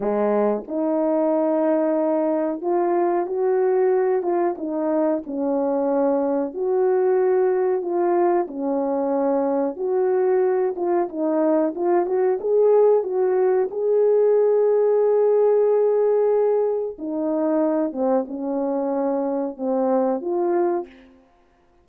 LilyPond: \new Staff \with { instrumentName = "horn" } { \time 4/4 \tempo 4 = 92 gis4 dis'2. | f'4 fis'4. f'8 dis'4 | cis'2 fis'2 | f'4 cis'2 fis'4~ |
fis'8 f'8 dis'4 f'8 fis'8 gis'4 | fis'4 gis'2.~ | gis'2 dis'4. c'8 | cis'2 c'4 f'4 | }